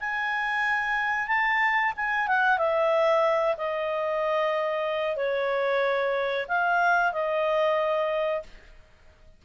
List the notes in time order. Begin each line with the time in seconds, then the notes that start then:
0.00 G#5
1.27 A5
1.96 G#5
2.27 F#5
2.58 E5
3.57 D#5
5.16 C#5
6.48 F5
7.12 D#5